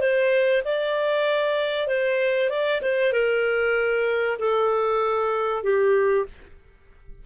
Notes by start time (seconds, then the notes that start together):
0.00 C5
0.64 D5
1.87 C5
2.49 D5
2.82 C5
3.12 A#4
4.39 A4
5.63 G4